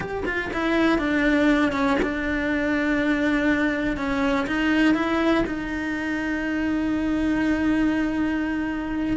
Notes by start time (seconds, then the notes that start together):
0.00 G4
0.25 F4
0.53 E4
0.98 D4
1.72 C#4
2.02 D4
3.96 C#4
4.46 D#4
4.94 E4
5.46 D#4